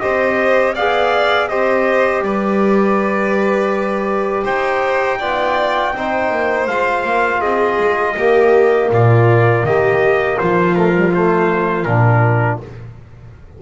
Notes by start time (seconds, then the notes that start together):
0.00 C4 G4 C5 D#5
0.75 B3 G#4 D5 F5
1.49 C4 G4 C5 D#5
2.21 G3 B4 D5
4.44 D#4 C5 G5
5.19 B3 F4 D5
5.93 C4 D#4 C5
6.31 A#3
6.67 G#3 F4 F5
7.04 A#3
7.40 C4 G#4 D#5
7.79 G#3
8.17 A#3 G4
8.91 A#2 F4 D5
9.64 D#3 G4 D#5
10.39 F3 F4 C5
10.75 A3 A#4
10.94 G3
11.13 A3 C5
11.84 A#2 D4 A#4